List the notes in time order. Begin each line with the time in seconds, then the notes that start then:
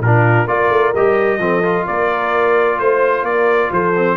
0.00 A#2 D4 F4 A#4
0.47 A#3 F4 A#4 D5
0.70 A3
0.95 G3 G4 D#5
1.38 F3 C4 A4
1.63 F4
1.86 A#3 A#4 D5
2.79 A3 C5
3.23 A#3 A#4 D5
3.71 F3 A4 C5
3.96 C4